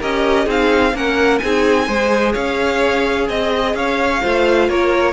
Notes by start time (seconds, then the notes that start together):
0.00 C#4 G4 A#4 D#5
0.45 C4 D#4 G#4 F5
0.94 A#3 C#4 A#4 F#5
1.38 C4 D#4 G#4 G#5
1.86 G#3 G#4 C5
2.32 C#4 C#5 F5
3.28 C4 D#5
3.74 C#4 C#5 F5
4.22 A3 F4 C5
4.69 A#3 A#4 C#5